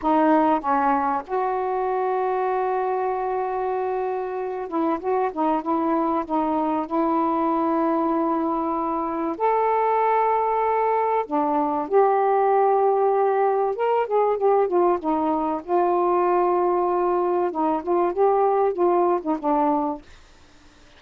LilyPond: \new Staff \with { instrumentName = "saxophone" } { \time 4/4 \tempo 4 = 96 dis'4 cis'4 fis'2~ | fis'2.~ fis'8 e'8 | fis'8 dis'8 e'4 dis'4 e'4~ | e'2. a'4~ |
a'2 d'4 g'4~ | g'2 ais'8 gis'8 g'8 f'8 | dis'4 f'2. | dis'8 f'8 g'4 f'8. dis'16 d'4 | }